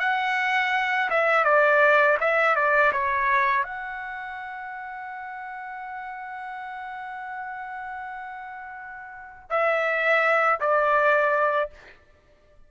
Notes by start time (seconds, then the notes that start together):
0.00 F#5
1.10 E5
1.44 D5
2.21 E5
2.56 D5
2.93 C#5
3.64 F#5
9.50 E5
10.60 D5